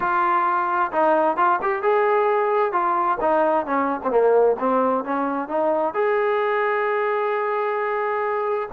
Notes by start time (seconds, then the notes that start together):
0.00 F4
0.92 D#4
1.36 F4
1.62 G4
1.82 G#4
2.72 F4
3.21 D#4
3.66 C#4
4.03 C4
4.10 A#3
4.59 C4
5.04 C#4
5.48 D#4
5.94 G#4